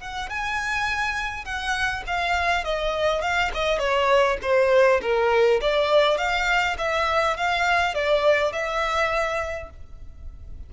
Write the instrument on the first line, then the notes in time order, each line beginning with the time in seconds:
violin
0.00 F#5
0.29 G#5
1.45 F#5
2.07 F5
2.64 D#5
3.22 F5
3.54 D#5
3.79 C#5
4.42 C5
5.02 A#4
5.61 D5
6.17 F5
6.78 E5
7.37 F5
7.94 D5
8.52 E5